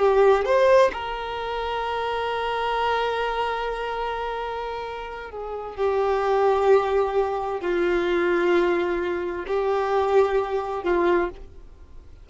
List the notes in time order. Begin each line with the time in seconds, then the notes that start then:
0.00 G4
0.46 C5
0.94 A#4
5.31 G#4
5.77 G4
7.62 F4
9.48 G4
10.84 F4